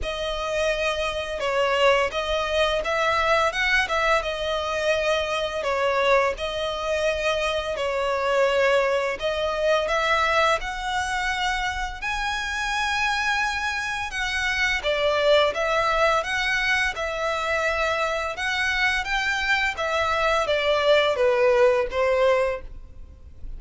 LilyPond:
\new Staff \with { instrumentName = "violin" } { \time 4/4 \tempo 4 = 85 dis''2 cis''4 dis''4 | e''4 fis''8 e''8 dis''2 | cis''4 dis''2 cis''4~ | cis''4 dis''4 e''4 fis''4~ |
fis''4 gis''2. | fis''4 d''4 e''4 fis''4 | e''2 fis''4 g''4 | e''4 d''4 b'4 c''4 | }